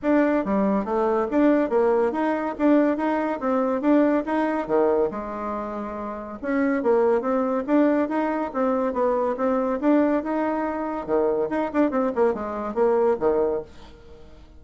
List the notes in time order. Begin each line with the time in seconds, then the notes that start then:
0.02 D4
0.44 G3
0.84 A3
1.30 D4
1.69 A#3
2.12 D#4
2.58 D4
2.97 D#4
3.40 C4
3.81 D4
4.25 D#4
4.67 D#3
5.10 G#3
6.42 C#4
6.82 A#3
7.21 C4
7.66 D4
8.08 D#4
8.53 C4
8.93 B3
9.37 C4
9.80 D4
10.23 D#4
11.06 D#3
11.49 D#4
11.73 D4
11.90 C4
12.15 A#3
12.34 G#3
12.74 A#3
13.19 D#3